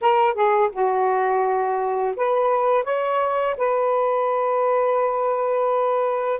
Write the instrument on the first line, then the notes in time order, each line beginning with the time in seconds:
saxophone
0.01 A#4
0.34 G#4
0.72 F#4
2.16 B4
2.84 C#5
3.57 B4